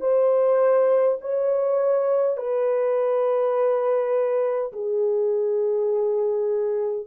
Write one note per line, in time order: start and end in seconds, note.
0.00 1.18 C5
1.21 2.37 C#5
2.37 4.72 B4
4.72 7.06 G#4